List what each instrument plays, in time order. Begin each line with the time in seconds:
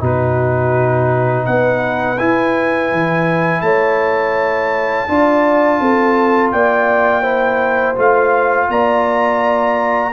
0.00 tuba B2, trombone D#4, horn F#4, trumpet B4
1.46 tuba B3, horn B4, trumpet F#5
2.18 trombone E4, tuba E4, trumpet G#5
2.92 tuba E3
3.61 tuba A3, horn C#5, trumpet A5
5.08 tuba D4, trombone F4, horn D5
5.80 tuba C4, horn A4
6.51 tuba A#3, horn D5, trumpet G5
7.21 trombone E4, horn C5
7.95 tuba A3, trombone F4, trumpet F5
8.69 tuba A#3, horn D5, trumpet A#5